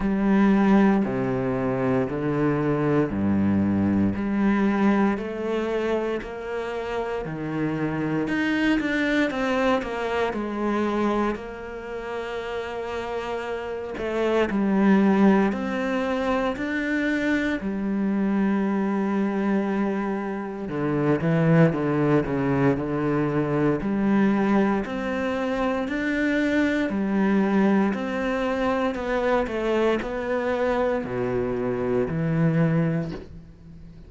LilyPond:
\new Staff \with { instrumentName = "cello" } { \time 4/4 \tempo 4 = 58 g4 c4 d4 g,4 | g4 a4 ais4 dis4 | dis'8 d'8 c'8 ais8 gis4 ais4~ | ais4. a8 g4 c'4 |
d'4 g2. | d8 e8 d8 cis8 d4 g4 | c'4 d'4 g4 c'4 | b8 a8 b4 b,4 e4 | }